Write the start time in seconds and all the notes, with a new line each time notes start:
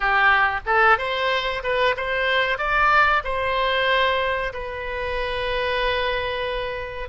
0.00 G4
0.66 A4
0.98 C5
1.63 B4
1.96 C5
2.58 D5
3.23 C5
4.53 B4